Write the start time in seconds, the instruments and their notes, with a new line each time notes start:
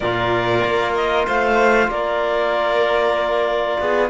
0.00 cello A#2, trombone F4, violin A#4, clarinet D5
0.64 cello A#3
0.95 clarinet D#5
1.26 cello A3, violin C5, clarinet F5
1.87 cello A#3, violin A#4, clarinet D5
3.79 cello B3, violin G#4